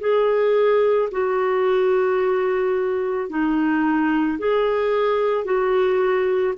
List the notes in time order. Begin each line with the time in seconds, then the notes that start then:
0.00 G#4
1.12 F#4
3.29 D#4
4.38 G#4
5.44 F#4